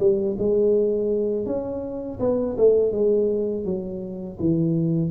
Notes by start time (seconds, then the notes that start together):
0.00 G3
0.39 G#3
1.46 C#4
2.20 B3
2.58 A3
2.92 G#3
3.65 F#3
4.40 E3